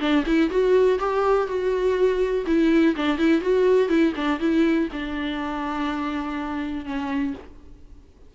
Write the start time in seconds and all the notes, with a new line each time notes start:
0.00 D4
0.26 E4
0.50 F#4
0.99 G4
1.47 F#4
2.46 E4
2.96 D4
3.18 E4
3.41 F#4
3.89 E4
4.16 D4
4.39 E4
4.92 D4
6.85 C#4